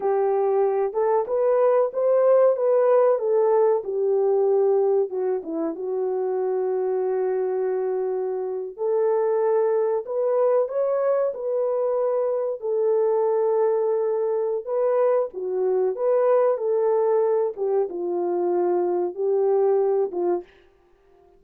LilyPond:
\new Staff \with { instrumentName = "horn" } { \time 4/4 \tempo 4 = 94 g'4. a'8 b'4 c''4 | b'4 a'4 g'2 | fis'8 e'8 fis'2.~ | fis'4.~ fis'16 a'2 b'16~ |
b'8. cis''4 b'2 a'16~ | a'2. b'4 | fis'4 b'4 a'4. g'8 | f'2 g'4. f'8 | }